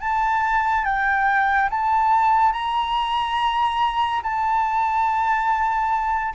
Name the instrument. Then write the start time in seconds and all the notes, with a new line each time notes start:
flute
0.00 A5
0.85 G5
1.70 A5
2.52 A#5
4.23 A5